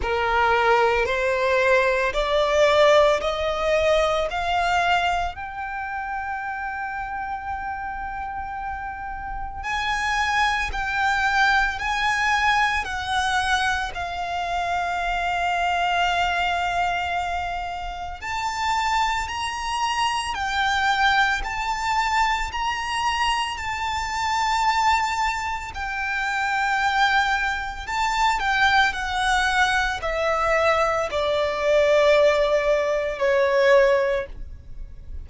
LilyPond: \new Staff \with { instrumentName = "violin" } { \time 4/4 \tempo 4 = 56 ais'4 c''4 d''4 dis''4 | f''4 g''2.~ | g''4 gis''4 g''4 gis''4 | fis''4 f''2.~ |
f''4 a''4 ais''4 g''4 | a''4 ais''4 a''2 | g''2 a''8 g''8 fis''4 | e''4 d''2 cis''4 | }